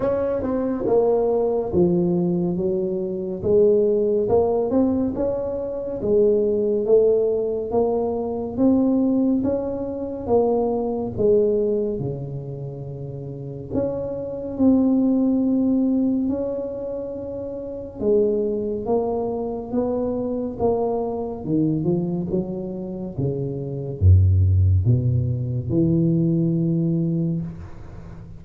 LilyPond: \new Staff \with { instrumentName = "tuba" } { \time 4/4 \tempo 4 = 70 cis'8 c'8 ais4 f4 fis4 | gis4 ais8 c'8 cis'4 gis4 | a4 ais4 c'4 cis'4 | ais4 gis4 cis2 |
cis'4 c'2 cis'4~ | cis'4 gis4 ais4 b4 | ais4 dis8 f8 fis4 cis4 | fis,4 b,4 e2 | }